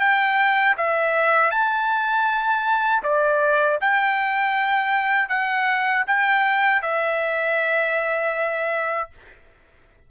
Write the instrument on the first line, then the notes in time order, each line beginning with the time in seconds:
trumpet
0.00 G5
0.78 E5
1.51 A5
3.03 D5
3.81 G5
5.29 F#5
6.07 G5
6.82 E5